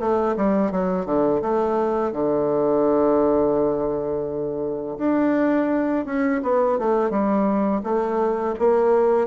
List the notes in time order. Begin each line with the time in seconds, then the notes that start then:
0.00 A3
0.37 G3
0.72 F#3
1.06 D3
1.42 A3
2.12 D3
4.98 D4
6.06 C#4
6.43 B3
6.79 A3
7.10 G3
7.83 A3
8.59 A#3